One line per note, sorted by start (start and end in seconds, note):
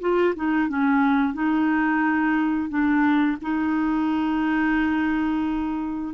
0.00 0.34 F4
0.36 0.68 D#4
0.68 1.34 C#4
1.34 2.69 D#4
2.69 3.37 D4
3.42 6.14 D#4